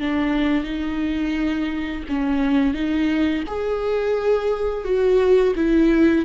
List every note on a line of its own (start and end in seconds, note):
0.00 0.64 D4
0.64 2.04 D#4
2.09 2.74 C#4
2.74 3.44 D#4
3.48 4.85 G#4
4.85 5.54 F#4
5.56 6.25 E4